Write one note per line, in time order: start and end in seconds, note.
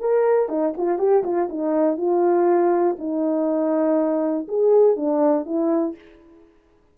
0.00 0.49 A#4
0.49 0.73 D#4
0.77 0.98 F4
0.98 1.23 G4
1.24 1.49 F4
1.49 1.97 D#4
1.97 2.96 F4
2.98 4.47 D#4
4.48 4.96 G#4
4.96 5.46 D4
5.46 5.95 E4